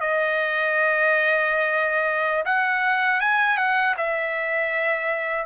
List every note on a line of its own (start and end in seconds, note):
0.00 2.44 D#5
2.45 3.20 F#5
3.20 3.57 G#5
3.57 3.94 F#5
3.97 5.46 E5